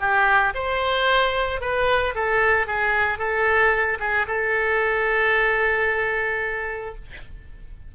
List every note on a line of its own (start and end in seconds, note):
0.00 0.54 G4
0.54 1.61 C5
1.61 2.14 B4
2.15 2.67 A4
2.67 3.18 G#4
3.18 3.98 A4
4.00 4.26 G#4
4.27 6.95 A4